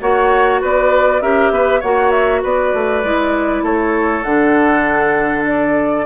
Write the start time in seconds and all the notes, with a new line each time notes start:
0.00 A#3 F#4 C#5 F#5
0.61 B3 B4 D5
1.21 C#4 G4 A#4 E5
1.51 B3 B4
1.80 A#3 F#4 C#5 F#5
2.11 E5
2.42 B3 B4 D5
2.73 A3
3.03 G#3 E4
3.62 A3 A4 C#5
4.23 D3 D4 F#5
5.46 D5